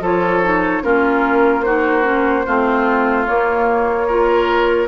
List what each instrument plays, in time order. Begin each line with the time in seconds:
0.00 bassoon F3, clarinet F4, oboe A4, flute C#5
0.43 clarinet D#4
0.82 bassoon A#3, clarinet C#4, oboe F4, flute A#4
1.63 clarinet D#4, oboe F#4, flute C5
2.03 clarinet C#4
2.46 bassoon A3, clarinet C4, oboe F4
3.26 clarinet A#3, bassoon A#3, flute C#5
4.07 clarinet F4, oboe A#4